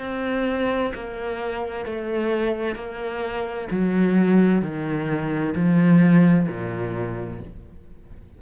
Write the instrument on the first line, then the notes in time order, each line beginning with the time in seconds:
cello
0.00 C4
0.94 A#3
1.85 A3
2.75 A#3
3.71 F#3
4.62 D#3
5.54 F3
6.47 A#2